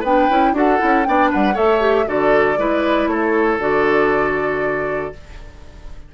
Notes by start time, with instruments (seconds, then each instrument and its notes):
0.00 bassoon B3, clarinet D4, oboe B4, flute G5
0.29 bassoon C#4, clarinet E4
0.52 bassoon D4, clarinet F#4, oboe A4, flute F#5
0.78 bassoon C#4, clarinet E4
1.04 bassoon B3, clarinet D4, oboe D5, flute G5
1.30 bassoon G3, oboe B4, flute F#5
1.53 bassoon A3, clarinet A4, oboe C#5, flute E5
1.79 clarinet G4
2.06 bassoon D3, clarinet F#4, oboe A4, flute D5
2.58 bassoon G#3, clarinet E4, oboe B4
3.06 bassoon A3, oboe A4, flute C#5
3.58 bassoon D3, clarinet F#4, flute D5